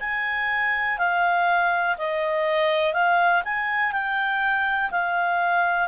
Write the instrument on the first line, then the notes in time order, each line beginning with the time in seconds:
clarinet
0.00 G#5
0.98 F5
1.99 D#5
2.94 F5
3.45 G#5
3.93 G5
4.91 F5